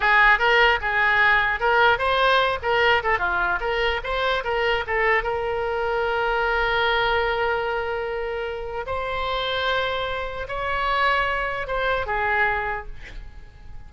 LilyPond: \new Staff \with { instrumentName = "oboe" } { \time 4/4 \tempo 4 = 149 gis'4 ais'4 gis'2 | ais'4 c''4. ais'4 a'8 | f'4 ais'4 c''4 ais'4 | a'4 ais'2.~ |
ais'1~ | ais'2 c''2~ | c''2 cis''2~ | cis''4 c''4 gis'2 | }